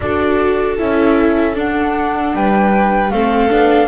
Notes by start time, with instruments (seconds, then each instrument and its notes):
0.00 double bass D4, viola F#4, violin A4, flute D5
0.77 double bass C#4, viola E4, flute E5
1.54 viola D4, double bass D4, flute F#5
2.33 double bass G3, violin B4, flute G5
3.10 double bass A3, viola C4, violin A4, flute F5
3.49 double bass B3, viola D4